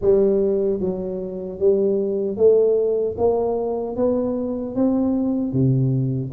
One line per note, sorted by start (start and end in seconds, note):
0.01 0.79 G3
0.79 1.58 F#3
1.59 2.36 G3
2.36 3.15 A3
3.17 3.96 A#3
3.96 4.75 B3
4.75 5.52 C4
5.52 6.31 C3